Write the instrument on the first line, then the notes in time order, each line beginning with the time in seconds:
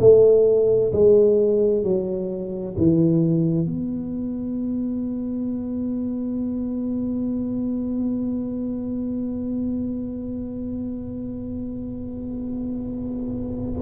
tuba
0.00 A3
0.93 G#3
1.84 F#3
2.78 E3
3.66 B3